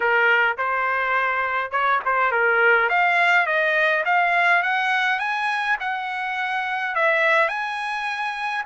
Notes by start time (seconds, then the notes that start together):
0.00 A#4
0.57 C5
1.71 C#5
2.05 C5
2.31 A#4
2.89 F5
3.46 D#5
4.05 F5
4.63 F#5
5.19 G#5
5.80 F#5
6.95 E5
7.48 G#5